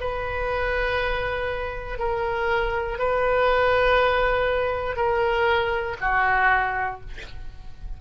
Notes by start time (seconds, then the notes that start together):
0.00 B4
1.99 A#4
2.99 B4
4.96 A#4
6.00 F#4